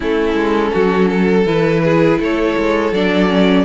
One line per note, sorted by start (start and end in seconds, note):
0.00 0.34 A3
0.00 1.46 C#4
0.00 0.71 E4
0.00 1.47 A4
0.34 0.71 G#3
0.73 1.45 F#3
0.73 1.08 F#4
1.08 1.81 A4
1.45 2.18 E3
1.45 2.94 E4
1.45 2.20 B4
1.83 2.19 G#4
2.19 2.56 A3
2.19 3.65 A4
2.19 2.93 C#5
2.57 2.92 G#3
2.92 3.65 F#3
2.92 3.28 D4
2.92 3.65 D5
3.28 3.65 C#4